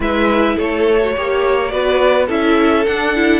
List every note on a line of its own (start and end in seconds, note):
0.00 0.55 G#3
0.00 1.00 E4
0.00 0.55 B4
0.00 0.58 E5
0.55 1.16 A3
0.55 1.12 A4
0.55 1.68 C#5
1.00 1.15 F#4
1.16 1.72 A#3
1.16 1.70 G4
1.16 1.72 C#5
1.68 2.29 B3
1.68 2.27 F#4
1.68 2.26 B4
1.68 2.25 D5
2.26 2.86 C#4
2.26 2.85 E4
2.26 3.40 A4
2.26 2.85 E5
2.85 3.15 D4
2.85 3.40 D4
2.85 3.40 F#5
3.15 3.40 E4